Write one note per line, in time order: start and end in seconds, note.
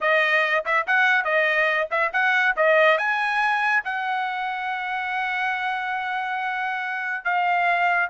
0.00 0.64 D#5
0.65 0.86 E5
0.86 1.24 F#5
1.24 1.88 D#5
1.91 2.12 E5
2.12 2.55 F#5
2.56 2.98 D#5
2.98 3.83 G#5
3.84 7.24 F#5
7.24 8.09 F5